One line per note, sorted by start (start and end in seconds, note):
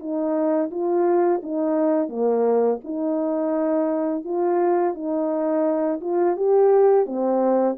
0.00 0.71 D#4
0.71 1.41 F4
1.43 2.09 D#4
2.09 2.79 A#3
2.84 4.25 D#4
4.25 4.95 F4
4.95 6.01 D#4
6.01 6.37 F4
6.37 7.06 G4
7.06 7.76 C4